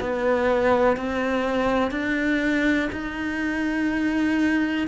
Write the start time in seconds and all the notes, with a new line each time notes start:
0.00 B3
0.96 C4
1.91 D4
2.92 D#4